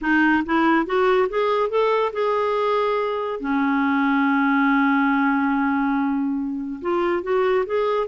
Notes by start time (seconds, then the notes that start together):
0.01 D#4
0.45 E4
0.85 F#4
1.29 G#4
1.69 A4
2.12 G#4
3.39 C#4
6.81 F4
7.22 F#4
7.66 G#4